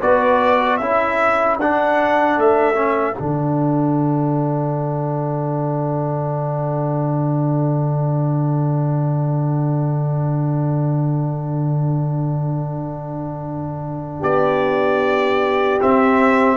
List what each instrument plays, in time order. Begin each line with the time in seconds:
0.00 tuba B3, trombone F#4, horn B4, trumpet D5
0.77 tuba C#4, trombone E4, horn A4, trumpet E5
1.59 tuba D4, trombone D4, trumpet F#5
2.37 tuba A3, trumpet E5
2.75 trombone C#4
3.18 tuba D3, trombone D4, trumpet F#5
14.20 tuba B3, horn G4, trumpet D5
15.81 trombone C4, tuba C4, trumpet E5